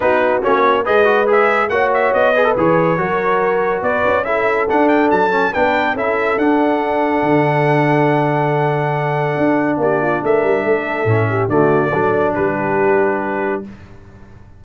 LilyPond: <<
  \new Staff \with { instrumentName = "trumpet" } { \time 4/4 \tempo 4 = 141 b'4 cis''4 dis''4 e''4 | fis''8 e''8 dis''4 cis''2~ | cis''4 d''4 e''4 fis''8 g''8 | a''4 g''4 e''4 fis''4~ |
fis''1~ | fis''2. d''4 | e''2. d''4~ | d''4 b'2. | }
  \new Staff \with { instrumentName = "horn" } { \time 4/4 fis'2 b'2 | cis''4. b'4. ais'4~ | ais'4 b'4 a'2~ | a'4 b'4 a'2~ |
a'1~ | a'2. g'8 f'8 | ais'4 a'4. g'8 fis'4 | a'4 g'2. | }
  \new Staff \with { instrumentName = "trombone" } { \time 4/4 dis'4 cis'4 gis'8 fis'8 gis'4 | fis'4. gis'16 a'16 gis'4 fis'4~ | fis'2 e'4 d'4~ | d'8 cis'8 d'4 e'4 d'4~ |
d'1~ | d'1~ | d'2 cis'4 a4 | d'1 | }
  \new Staff \with { instrumentName = "tuba" } { \time 4/4 b4 ais4 gis2 | ais4 b4 e4 fis4~ | fis4 b8 cis'4. d'4 | fis4 b4 cis'4 d'4~ |
d'4 d2.~ | d2 d'4 ais4 | a8 g8 a4 a,4 d4 | fis4 g2. | }
>>